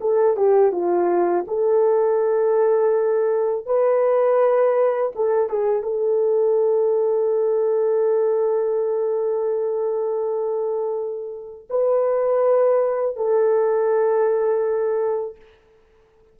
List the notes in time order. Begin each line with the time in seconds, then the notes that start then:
0.00 A4
0.36 G4
0.72 F4
1.47 A4
3.66 B4
5.15 A4
5.49 G#4
5.82 A4
11.69 B4
13.16 A4